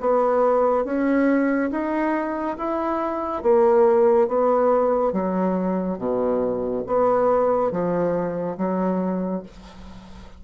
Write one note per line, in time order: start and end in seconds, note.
0.00 0.85 B3
0.85 1.70 C#4
1.71 2.57 D#4
2.57 3.42 E4
3.42 4.27 A#3
4.27 5.12 B3
5.12 5.98 F#3
5.98 6.84 B2
6.86 7.71 B3
7.71 8.57 F3
8.57 9.43 F#3